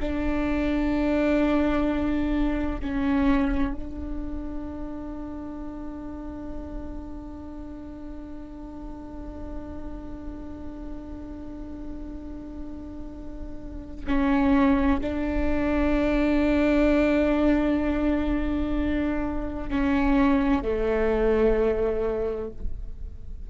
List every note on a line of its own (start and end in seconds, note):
0.00 2.81 D4
2.81 3.75 C#4
3.75 14.06 D4
14.07 15.00 C#4
15.01 19.70 D4
19.70 20.62 C#4
20.62 22.50 A3